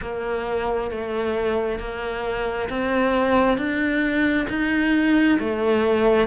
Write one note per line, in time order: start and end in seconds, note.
0.01 0.90 A#3
0.90 1.79 A3
1.79 2.69 A#3
2.69 3.57 C4
3.57 4.47 D4
4.49 5.38 D#4
5.39 6.27 A3